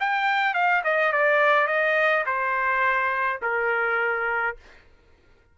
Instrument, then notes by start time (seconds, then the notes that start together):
trumpet
0.00 G5
0.54 F5
0.84 D#5
1.12 D5
1.67 D#5
2.26 C5
3.42 A#4